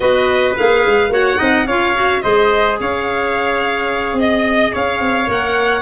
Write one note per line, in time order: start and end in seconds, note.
0.00 0.55 B3
0.00 0.56 F#4
0.00 1.12 B4
0.00 0.54 D#5
0.57 0.86 A#3
0.57 1.10 G#4
0.57 1.12 F5
0.86 1.08 G#3
1.08 1.36 A#3
1.08 1.36 F#4
1.08 1.37 C#5
1.08 1.67 F#5
1.36 1.66 C4
1.36 1.64 D#4
1.36 1.65 D#5
1.66 2.21 C#4
1.66 1.94 F4
1.66 2.22 C#5
1.66 2.21 F5
1.94 2.22 F#4
2.21 2.80 G#3
2.21 5.26 G#4
2.21 2.78 C5
2.21 2.77 D#5
2.80 4.13 C#4
2.80 4.19 C#5
2.80 4.18 F5
4.13 4.68 C4
4.13 4.74 D#5
4.19 4.73 D#5
4.73 4.99 C#4
4.73 5.81 C#5
4.73 5.30 F5
4.99 5.27 C4
5.26 5.81 A#3
5.26 5.81 A#4
5.26 5.81 F#5